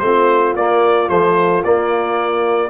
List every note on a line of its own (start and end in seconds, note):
0.00 0.55 A3
0.00 0.56 C4
0.00 2.70 F4
0.00 0.54 C5
0.55 1.09 A#3
0.55 1.09 D5
1.09 1.64 F3
1.09 1.64 A3
1.09 1.63 C5
1.64 2.70 A#3
1.64 2.70 D5